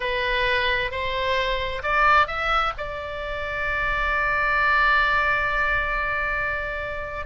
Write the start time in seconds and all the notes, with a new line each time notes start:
0.00 B4
0.91 C5
1.82 D5
2.27 E5
2.77 D5